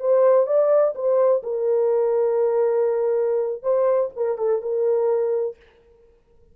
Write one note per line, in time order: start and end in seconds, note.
0.00 0.47 C5
0.47 0.94 D5
0.95 1.42 C5
1.43 3.63 A#4
3.63 4.10 C5
4.16 4.38 A#4
4.38 4.62 A4
4.62 5.56 A#4